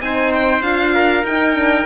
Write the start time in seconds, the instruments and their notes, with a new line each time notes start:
0.00 cello C4, horn D#4, trumpet C5, violin G#5
0.33 violin G5
0.62 cello D4, horn F4, violin F5
0.94 trumpet A#4
1.23 cello D#4, horn D#4, violin G5
1.54 horn D4